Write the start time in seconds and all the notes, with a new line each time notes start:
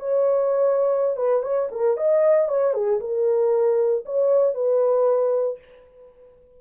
0.00 C#5
1.17 B4
1.43 C#5
1.72 A#4
1.98 D#5
2.49 C#5
2.74 G#4
3.00 A#4
4.06 C#5
4.54 B4